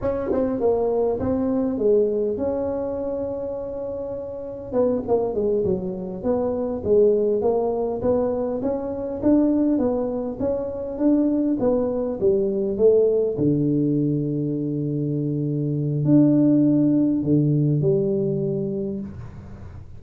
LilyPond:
\new Staff \with { instrumentName = "tuba" } { \time 4/4 \tempo 4 = 101 cis'8 c'8 ais4 c'4 gis4 | cis'1 | b8 ais8 gis8 fis4 b4 gis8~ | gis8 ais4 b4 cis'4 d'8~ |
d'8 b4 cis'4 d'4 b8~ | b8 g4 a4 d4.~ | d2. d'4~ | d'4 d4 g2 | }